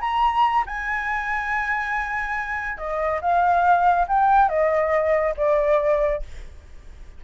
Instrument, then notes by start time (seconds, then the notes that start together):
flute
0.00 A#5
0.66 G#5
2.77 D#5
3.21 F5
4.07 G5
4.48 D#5
5.36 D5